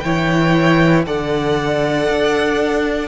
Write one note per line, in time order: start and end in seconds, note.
0.00 1.06 E3
0.00 1.06 E4
0.00 1.06 C#5
0.00 1.02 G5
1.06 2.08 D3
1.06 3.08 A4
1.06 3.08 D5
1.06 3.08 F#5
2.09 3.08 D4